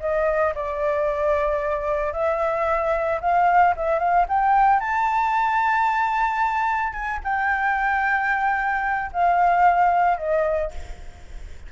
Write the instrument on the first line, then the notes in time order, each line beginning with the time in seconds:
flute
0.00 D#5
0.55 D5
2.13 E5
3.21 F5
3.76 E5
3.99 F5
4.29 G5
4.80 A5
6.93 G#5
7.24 G5
9.13 F5
10.17 D#5